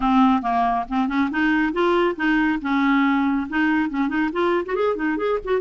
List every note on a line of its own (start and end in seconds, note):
0.00 0.42 C4
0.42 0.85 A#3
0.88 1.08 C4
1.08 1.29 C#4
1.31 1.72 D#4
1.72 2.15 F4
2.16 2.59 D#4
2.61 3.47 C#4
3.49 3.89 D#4
3.89 4.08 C#4
4.08 4.29 D#4
4.32 4.64 F4
4.65 4.75 F#4
4.75 4.95 G#4
4.95 5.17 D#4
5.17 5.38 G#4
5.44 5.60 F#4